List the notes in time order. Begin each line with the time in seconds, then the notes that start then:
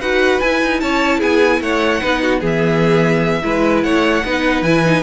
0.00 D#4 F#4 B4 F#5
0.40 E4 G#5
0.62 D#4
0.80 C#4 C#5 A5
1.18 B3 G#4 G#5
1.61 A3 C#5 F#5
2.01 B3 D#4 B4
2.22 F#4
2.40 E3 B3 G#4
2.46 E5
3.42 G#3 E4 B4
3.83 A3 C#5 F#5
4.25 B3 D#4 B4
4.62 E3 E4 G#5
4.85 D#4